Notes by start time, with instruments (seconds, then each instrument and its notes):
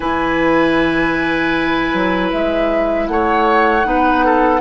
0.00 bassoon E3, clarinet E4, oboe B4, flute G#5
1.93 bassoon F#3
2.31 bassoon G#3, flute E5
3.07 bassoon A3, oboe C#5, flute F#5
3.83 bassoon B3, clarinet D#4, oboe B4
4.25 oboe A4